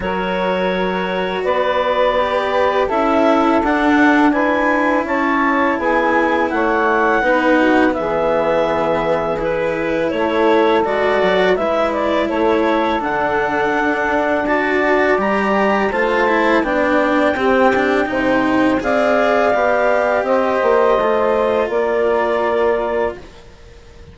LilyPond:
<<
  \new Staff \with { instrumentName = "clarinet" } { \time 4/4 \tempo 4 = 83 cis''2 d''2 | e''4 fis''4 gis''4 a''4 | gis''4 fis''2 e''4~ | e''4 b'4 cis''4 d''4 |
e''8 d''8 cis''4 fis''2 | a''4 ais''4 a''4 g''4~ | g''2 f''2 | dis''2 d''2 | }
  \new Staff \with { instrumentName = "saxophone" } { \time 4/4 ais'2 b'2 | a'2 b'4 cis''4 | gis'4 cis''4 b'8 fis'8 gis'4~ | gis'2 a'2 |
b'4 a'2. | d''2 c''4 d''4 | g'4 c''4 d''2 | c''2 ais'2 | }
  \new Staff \with { instrumentName = "cello" } { \time 4/4 fis'2. g'4 | e'4 d'4 e'2~ | e'2 dis'4 b4~ | b4 e'2 fis'4 |
e'2 d'2 | fis'4 g'4 f'8 e'8 d'4 | c'8 d'8 dis'4 gis'4 g'4~ | g'4 f'2. | }
  \new Staff \with { instrumentName = "bassoon" } { \time 4/4 fis2 b2 | cis'4 d'2 cis'4 | b4 a4 b4 e4~ | e2 a4 gis8 fis8 |
gis4 a4 d4 d'4~ | d'4 g4 a4 b4 | c'4 c4 c'4 b4 | c'8 ais8 a4 ais2 | }
>>